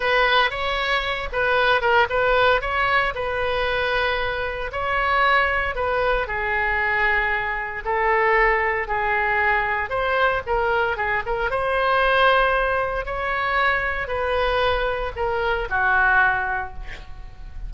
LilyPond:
\new Staff \with { instrumentName = "oboe" } { \time 4/4 \tempo 4 = 115 b'4 cis''4. b'4 ais'8 | b'4 cis''4 b'2~ | b'4 cis''2 b'4 | gis'2. a'4~ |
a'4 gis'2 c''4 | ais'4 gis'8 ais'8 c''2~ | c''4 cis''2 b'4~ | b'4 ais'4 fis'2 | }